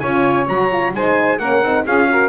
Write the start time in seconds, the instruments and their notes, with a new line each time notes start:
0.00 double bass C#4, horn F4, saxophone C#5, trumpet G#5
0.48 double bass F#3, horn F#4, trumpet A#5
0.72 horn F4
0.94 double bass G#3, horn D#4, saxophone C5, trumpet G#5
1.39 double bass A#3, horn C#4, saxophone A#4, trumpet F#5
1.62 double bass C4, horn D#4
1.86 double bass C#4, horn F4, saxophone G#4, trumpet F5
2.10 horn F#4, saxophone A#4